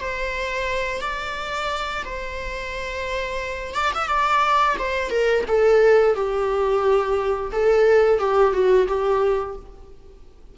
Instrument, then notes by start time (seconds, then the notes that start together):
viola
0.00 C5
1.01 D5
2.05 C5
3.74 D5
3.94 E5
4.08 D5
4.79 C5
5.10 A#4
5.48 A4
6.15 G4
7.52 A4
8.18 G4
8.53 F#4
8.87 G4